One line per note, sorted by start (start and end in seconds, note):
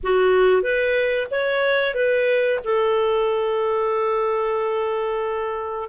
0.03 0.62 F#4
0.62 1.27 B4
1.30 1.94 C#5
1.94 2.59 B4
2.64 5.89 A4